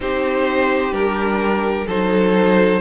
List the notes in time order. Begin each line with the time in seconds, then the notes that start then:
0.00 C4 D#4 G4 C5
0.92 G3 D4 A#4
1.86 F#3 D#4 A4 C5